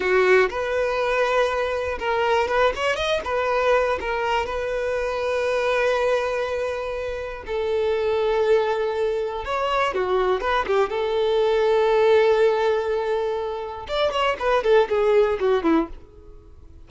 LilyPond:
\new Staff \with { instrumentName = "violin" } { \time 4/4 \tempo 4 = 121 fis'4 b'2. | ais'4 b'8 cis''8 dis''8 b'4. | ais'4 b'2.~ | b'2. a'4~ |
a'2. cis''4 | fis'4 b'8 g'8 a'2~ | a'1 | d''8 cis''8 b'8 a'8 gis'4 fis'8 e'8 | }